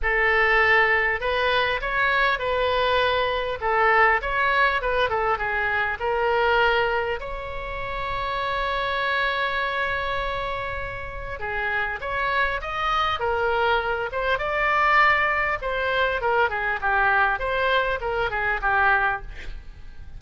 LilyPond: \new Staff \with { instrumentName = "oboe" } { \time 4/4 \tempo 4 = 100 a'2 b'4 cis''4 | b'2 a'4 cis''4 | b'8 a'8 gis'4 ais'2 | cis''1~ |
cis''2. gis'4 | cis''4 dis''4 ais'4. c''8 | d''2 c''4 ais'8 gis'8 | g'4 c''4 ais'8 gis'8 g'4 | }